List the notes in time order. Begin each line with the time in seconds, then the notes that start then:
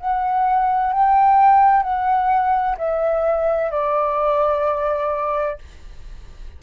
0.00 F#5
0.93 G5
1.83 F#5
2.78 E5
3.71 D5